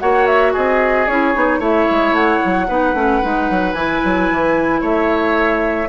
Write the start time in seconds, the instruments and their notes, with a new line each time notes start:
0.00 bassoon A#3, clarinet F#4, oboe C#5, flute F#5
0.27 flute E5
0.53 bassoon C4, oboe G#4, flute D#5
1.08 bassoon C#4, clarinet E4, flute C#5
1.35 bassoon B3, clarinet D#4
1.60 bassoon A3, clarinet E4, oboe C#5, flute E5
1.91 bassoon G#3
2.12 bassoon A3, flute F#5
2.45 bassoon F#3
2.68 bassoon B3, clarinet D#4, oboe B4
2.95 bassoon A3, clarinet C#4
3.22 bassoon G#3, clarinet D#4
3.50 bassoon F#3
3.73 bassoon E3, clarinet E4, flute G#5
4.05 bassoon F#3
4.32 bassoon E3
4.81 bassoon A3, oboe C#5, flute E5